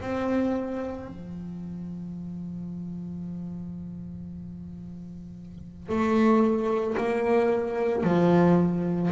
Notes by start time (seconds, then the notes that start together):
0.00 C4
1.07 F3
5.89 A3
6.96 A#3
8.03 F3